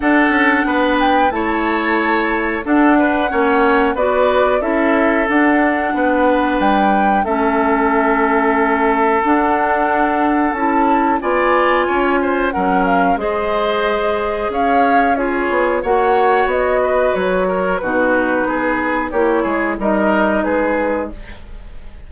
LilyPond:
<<
  \new Staff \with { instrumentName = "flute" } { \time 4/4 \tempo 4 = 91 fis''4. g''8 a''2 | fis''2 d''4 e''4 | fis''2 g''4 e''4~ | e''2 fis''2 |
a''4 gis''2 fis''8 f''8 | dis''2 f''4 cis''4 | fis''4 dis''4 cis''4 b'4~ | b'4 cis''4 dis''4 b'4 | }
  \new Staff \with { instrumentName = "oboe" } { \time 4/4 a'4 b'4 cis''2 | a'8 b'8 cis''4 b'4 a'4~ | a'4 b'2 a'4~ | a'1~ |
a'4 d''4 cis''8 c''8 ais'4 | c''2 cis''4 gis'4 | cis''4. b'4 ais'8 fis'4 | gis'4 g'8 gis'8 ais'4 gis'4 | }
  \new Staff \with { instrumentName = "clarinet" } { \time 4/4 d'2 e'2 | d'4 cis'4 fis'4 e'4 | d'2. cis'4~ | cis'2 d'2 |
e'4 f'2 cis'4 | gis'2. f'4 | fis'2. dis'4~ | dis'4 e'4 dis'2 | }
  \new Staff \with { instrumentName = "bassoon" } { \time 4/4 d'8 cis'8 b4 a2 | d'4 ais4 b4 cis'4 | d'4 b4 g4 a4~ | a2 d'2 |
cis'4 b4 cis'4 fis4 | gis2 cis'4. b8 | ais4 b4 fis4 b,4 | b4 ais8 gis8 g4 gis4 | }
>>